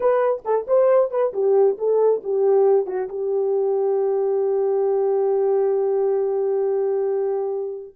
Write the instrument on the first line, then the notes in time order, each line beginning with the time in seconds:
horn
0.00 B4
0.44 A4
0.67 C5
1.10 B4
1.33 G4
1.77 A4
2.23 G4
2.86 F#4
3.08 G4